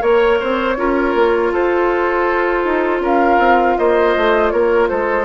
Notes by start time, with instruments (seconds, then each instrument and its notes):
0.00 bassoon A#3, clarinet A#4, oboe C#5, flute C#5
0.39 bassoon C4, oboe C5
0.77 bassoon C#4, clarinet F4, oboe A#4
1.15 bassoon A#3
1.52 bassoon F4, oboe A4, flute C5
2.64 bassoon D#4
3.00 bassoon C#4, oboe A#4, flute F5
3.38 bassoon C4
3.78 bassoon A#3, oboe C5, flute D#5
4.17 bassoon A3
4.50 bassoon A#3, oboe A#4, flute C#5
4.88 bassoon G#3, oboe A4, flute C5